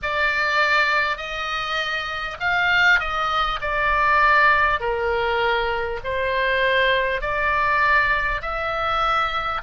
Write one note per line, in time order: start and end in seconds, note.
0.02 1.17 D5
1.17 2.37 D#5
2.39 2.99 F5
2.99 3.59 D#5
3.61 4.80 D5
4.80 6.00 A#4
6.03 7.21 C5
7.21 8.41 D5
8.41 9.61 E5